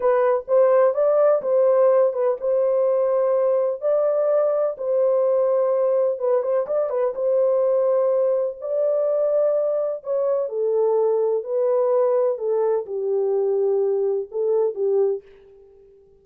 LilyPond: \new Staff \with { instrumentName = "horn" } { \time 4/4 \tempo 4 = 126 b'4 c''4 d''4 c''4~ | c''8 b'8 c''2. | d''2 c''2~ | c''4 b'8 c''8 d''8 b'8 c''4~ |
c''2 d''2~ | d''4 cis''4 a'2 | b'2 a'4 g'4~ | g'2 a'4 g'4 | }